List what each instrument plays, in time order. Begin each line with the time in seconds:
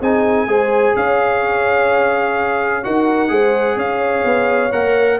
0.00 tuba C4, trombone D#4, horn G#4, trumpet G#5
0.47 tuba G#3, trombone G#4, horn C5
0.96 tuba C#4, horn C#5, trumpet F5
2.83 tuba D#4, trombone F#4, horn A#4, trumpet F#5
3.29 tuba G#3, trombone G#4, horn C5
3.76 tuba C#4, horn C#5, trumpet F5
4.25 tuba B3
4.72 tuba A#3, trombone A#4, trumpet F#5